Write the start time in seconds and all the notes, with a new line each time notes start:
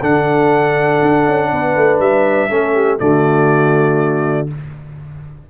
0.00 D3 D4 A4 F#5
1.02 D4
1.27 C#4
1.51 B3 B4
1.76 A3
1.99 G3 E5
2.49 A3 C#4 A4
2.74 G4
2.98 D3 A3 F#4 D5